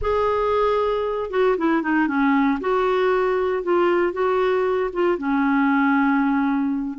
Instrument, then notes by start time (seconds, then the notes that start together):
clarinet
0.01 G#4
1.30 F#4
1.57 E4
1.82 D#4
2.07 C#4
2.60 F#4
3.63 F4
4.12 F#4
4.92 F4
5.17 C#4